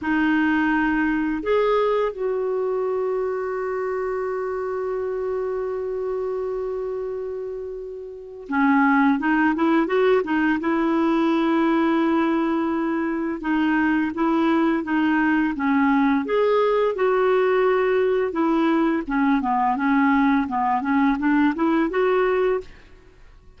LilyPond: \new Staff \with { instrumentName = "clarinet" } { \time 4/4 \tempo 4 = 85 dis'2 gis'4 fis'4~ | fis'1~ | fis'1 | cis'4 dis'8 e'8 fis'8 dis'8 e'4~ |
e'2. dis'4 | e'4 dis'4 cis'4 gis'4 | fis'2 e'4 cis'8 b8 | cis'4 b8 cis'8 d'8 e'8 fis'4 | }